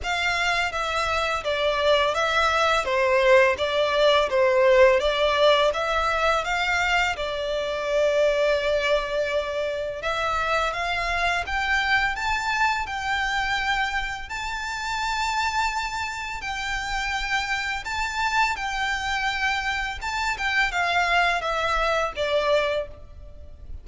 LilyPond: \new Staff \with { instrumentName = "violin" } { \time 4/4 \tempo 4 = 84 f''4 e''4 d''4 e''4 | c''4 d''4 c''4 d''4 | e''4 f''4 d''2~ | d''2 e''4 f''4 |
g''4 a''4 g''2 | a''2. g''4~ | g''4 a''4 g''2 | a''8 g''8 f''4 e''4 d''4 | }